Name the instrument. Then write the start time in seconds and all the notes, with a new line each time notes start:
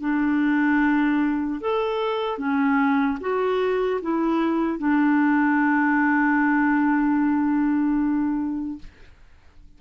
clarinet
0.00 D4
1.61 A4
2.38 C#4
3.21 F#4
4.01 E4
4.79 D4